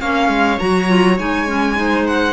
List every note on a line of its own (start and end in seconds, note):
0.00 0.29 A#3
0.00 0.59 C#4
0.00 1.78 C#5
0.00 0.60 F5
0.29 0.58 G#3
0.60 1.19 F#3
0.60 0.88 F#4
0.60 1.18 A#5
0.88 1.17 F4
1.18 2.33 G#3
1.18 1.47 D#4
1.18 2.07 G#5
1.47 1.76 C#4
1.76 2.33 D#4
1.76 2.33 C5
2.07 2.33 F#5